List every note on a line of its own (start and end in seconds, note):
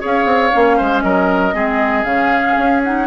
0.00 0.25 C#4
0.00 0.51 G#4
0.00 0.77 C#5
0.00 1.01 F5
0.25 0.50 C4
0.52 0.80 A#3
0.52 1.53 C#4
0.77 1.04 G#3
0.77 1.03 C5
1.01 1.54 F#3
1.01 1.54 A#4
1.01 2.04 D#5
1.53 2.04 G#3
1.53 2.04 C4
1.53 3.07 G#4
2.04 2.56 C#3
2.04 2.81 C#4
2.04 2.81 F5
2.57 3.07 C#4
2.84 3.07 D#4
2.84 3.07 F#5